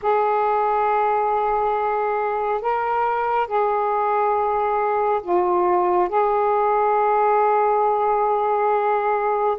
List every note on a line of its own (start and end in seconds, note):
0.02 2.61 G#4
2.61 3.47 A#4
3.47 5.21 G#4
5.22 6.09 F4
6.09 9.57 G#4